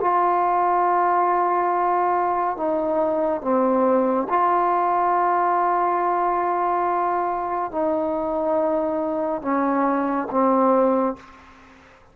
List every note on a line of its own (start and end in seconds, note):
0.00 2.57 F4
2.57 3.41 D#4
3.41 4.27 C4
4.29 7.71 F4
7.71 9.42 D#4
9.42 10.27 C#4
10.30 11.16 C4